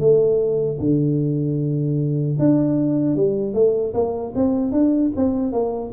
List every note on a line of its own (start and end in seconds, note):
0.00 0.79 A3
0.80 2.38 D3
2.39 3.16 D4
3.16 3.54 G3
3.54 3.94 A3
3.94 4.33 A#3
4.35 4.72 C4
4.72 5.11 D4
5.17 5.52 C4
5.52 5.92 A#3